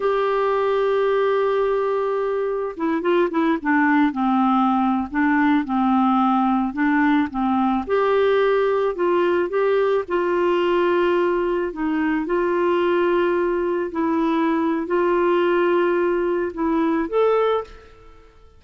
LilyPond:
\new Staff \with { instrumentName = "clarinet" } { \time 4/4 \tempo 4 = 109 g'1~ | g'4 e'8 f'8 e'8 d'4 c'8~ | c'4~ c'16 d'4 c'4.~ c'16~ | c'16 d'4 c'4 g'4.~ g'16~ |
g'16 f'4 g'4 f'4.~ f'16~ | f'4~ f'16 dis'4 f'4.~ f'16~ | f'4~ f'16 e'4.~ e'16 f'4~ | f'2 e'4 a'4 | }